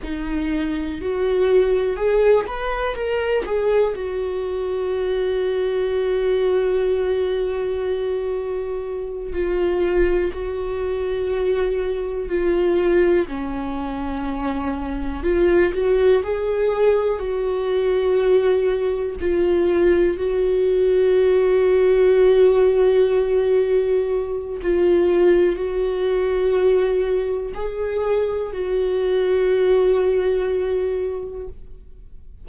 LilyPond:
\new Staff \with { instrumentName = "viola" } { \time 4/4 \tempo 4 = 61 dis'4 fis'4 gis'8 b'8 ais'8 gis'8 | fis'1~ | fis'4. f'4 fis'4.~ | fis'8 f'4 cis'2 f'8 |
fis'8 gis'4 fis'2 f'8~ | f'8 fis'2.~ fis'8~ | fis'4 f'4 fis'2 | gis'4 fis'2. | }